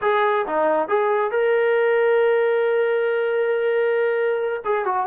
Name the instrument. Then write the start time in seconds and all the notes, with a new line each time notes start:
trombone
0.01 G#4
0.46 D#4
0.88 G#4
1.31 A#4
4.64 G#4
4.85 F#4